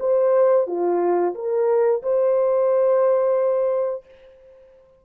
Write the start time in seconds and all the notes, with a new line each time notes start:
0.00 C5
0.67 F4
1.35 A#4
2.03 C5